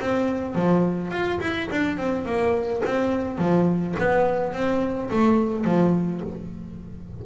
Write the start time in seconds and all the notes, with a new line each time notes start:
0.00 C4
0.55 F3
1.11 F4
1.40 E4
1.71 D4
1.97 C4
2.25 A#3
2.85 C4
3.38 F3
3.99 B3
4.53 C4
5.10 A3
5.64 F3